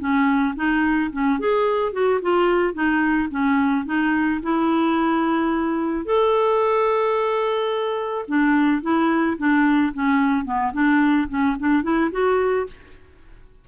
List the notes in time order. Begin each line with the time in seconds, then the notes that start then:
0.00 C#4
0.56 D#4
1.13 C#4
1.40 G#4
1.93 F#4
2.22 F4
2.74 D#4
3.31 C#4
3.86 D#4
4.43 E4
6.06 A4
8.28 D4
8.82 E4
9.39 D4
9.94 C#4
10.46 B3
10.74 D4
11.29 C#4
11.60 D4
11.83 E4
12.12 F#4